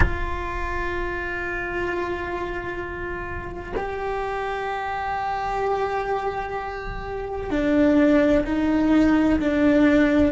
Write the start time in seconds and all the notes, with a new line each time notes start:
0.00 F4
3.76 G4
7.50 D4
8.45 D#4
9.40 D4